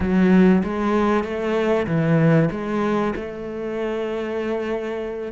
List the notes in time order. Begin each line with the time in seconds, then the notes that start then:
0.00 F#3
0.63 G#3
1.23 A3
1.86 E3
2.51 G#3
3.15 A3